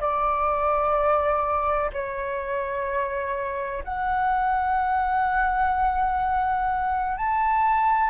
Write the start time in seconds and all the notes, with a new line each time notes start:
0.00 D5
1.93 C#5
3.84 F#5
7.17 A5